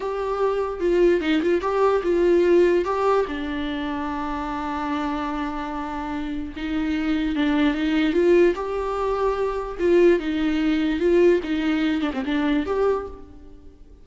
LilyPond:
\new Staff \with { instrumentName = "viola" } { \time 4/4 \tempo 4 = 147 g'2 f'4 dis'8 f'8 | g'4 f'2 g'4 | d'1~ | d'1 |
dis'2 d'4 dis'4 | f'4 g'2. | f'4 dis'2 f'4 | dis'4. d'16 c'16 d'4 g'4 | }